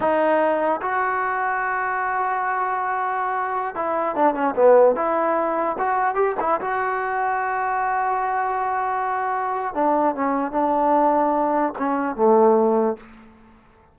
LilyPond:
\new Staff \with { instrumentName = "trombone" } { \time 4/4 \tempo 4 = 148 dis'2 fis'2~ | fis'1~ | fis'4~ fis'16 e'4 d'8 cis'8 b8.~ | b16 e'2 fis'4 g'8 e'16~ |
e'16 fis'2.~ fis'8.~ | fis'1 | d'4 cis'4 d'2~ | d'4 cis'4 a2 | }